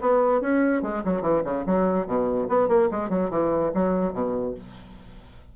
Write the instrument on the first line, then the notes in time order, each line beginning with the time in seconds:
bassoon
0.00 B3
0.41 C#4
0.82 G#3
1.04 F#3
1.22 E3
1.44 C#3
1.66 F#3
2.06 B2
2.48 B3
2.68 A#3
2.91 G#3
3.09 F#3
3.30 E3
3.74 F#3
4.13 B2